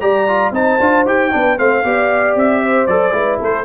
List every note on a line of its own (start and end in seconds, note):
0.00 0.51 G3
0.00 0.27 G4
0.00 0.53 D5
0.00 0.52 A#5
0.27 0.53 F4
0.51 0.77 C4
0.51 0.79 D#4
0.51 1.32 C5
0.51 1.06 A5
0.79 1.05 D4
0.79 1.06 F4
1.05 1.31 D#4
1.05 1.31 G4
1.05 1.58 G5
1.31 1.59 B3
1.31 1.57 D4
1.31 1.58 B4
1.57 1.84 A3
1.57 1.83 C4
1.57 1.84 C5
1.57 2.36 F5
1.84 2.35 B3
1.84 2.88 G4
1.84 2.63 D5
2.35 2.87 C4
2.35 2.86 E5
2.63 3.14 C5
2.86 3.12 F#3
2.86 3.12 A4
2.86 3.39 D5
3.12 3.38 G#3
3.12 3.64 E4
3.12 3.39 B4
3.39 3.65 A3
3.39 3.65 A4
3.39 3.65 C5